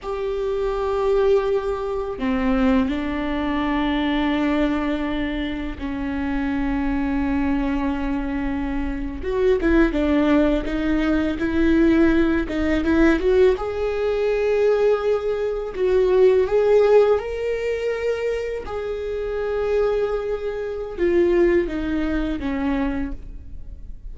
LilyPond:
\new Staff \with { instrumentName = "viola" } { \time 4/4 \tempo 4 = 83 g'2. c'4 | d'1 | cis'1~ | cis'8. fis'8 e'8 d'4 dis'4 e'16~ |
e'4~ e'16 dis'8 e'8 fis'8 gis'4~ gis'16~ | gis'4.~ gis'16 fis'4 gis'4 ais'16~ | ais'4.~ ais'16 gis'2~ gis'16~ | gis'4 f'4 dis'4 cis'4 | }